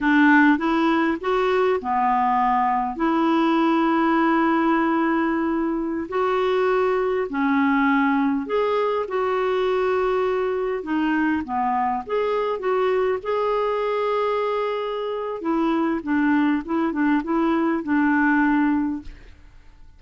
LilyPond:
\new Staff \with { instrumentName = "clarinet" } { \time 4/4 \tempo 4 = 101 d'4 e'4 fis'4 b4~ | b4 e'2.~ | e'2~ e'16 fis'4.~ fis'16~ | fis'16 cis'2 gis'4 fis'8.~ |
fis'2~ fis'16 dis'4 b8.~ | b16 gis'4 fis'4 gis'4.~ gis'16~ | gis'2 e'4 d'4 | e'8 d'8 e'4 d'2 | }